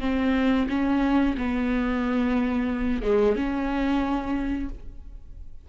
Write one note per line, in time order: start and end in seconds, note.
0.00 0.67 C4
0.69 1.35 C#4
1.37 3.02 B3
3.02 3.35 G#3
3.35 4.69 C#4